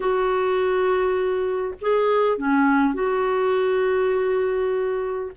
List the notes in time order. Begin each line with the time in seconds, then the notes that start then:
0.00 F#4
1.81 G#4
2.37 C#4
2.94 F#4